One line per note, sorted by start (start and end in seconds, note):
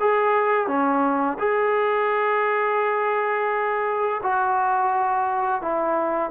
0.00 0.67 G#4
0.67 1.38 C#4
1.39 4.21 G#4
4.23 5.61 F#4
5.61 6.30 E4